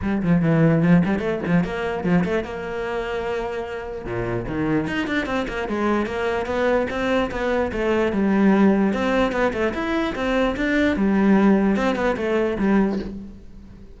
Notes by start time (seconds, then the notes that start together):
0.02 G3
0.22 F3
0.41 E3
0.82 F3
1.05 G3
1.19 A3
1.46 F3
1.64 A#3
2.03 F3
2.24 A3
2.44 A#3
4.05 A#2
4.47 D#3
4.87 D#4
5.07 D4
5.26 C4
5.47 A#3
5.68 G#3
6.06 A#3
6.46 B3
6.90 C4
7.31 B3
7.72 A3
8.12 G3
8.93 C4
9.32 B3
9.53 A3
9.74 E4
10.15 C4
10.56 D4
10.96 G3
11.76 C4
11.95 B3
12.16 A3
12.58 G3